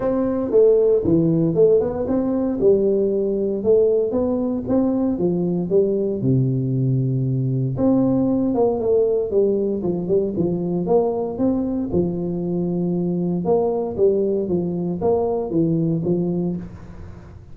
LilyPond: \new Staff \with { instrumentName = "tuba" } { \time 4/4 \tempo 4 = 116 c'4 a4 e4 a8 b8 | c'4 g2 a4 | b4 c'4 f4 g4 | c2. c'4~ |
c'8 ais8 a4 g4 f8 g8 | f4 ais4 c'4 f4~ | f2 ais4 g4 | f4 ais4 e4 f4 | }